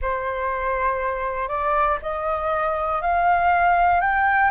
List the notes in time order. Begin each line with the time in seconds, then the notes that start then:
0.01 C5
1.48 D5
2.02 D#5
3.01 F5
4.00 G5